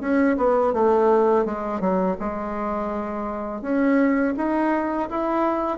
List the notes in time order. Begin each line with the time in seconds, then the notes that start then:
0.00 C#4
0.37 B3
0.73 A3
1.45 G#3
1.80 F#3
2.19 G#3
3.61 C#4
4.36 D#4
5.09 E4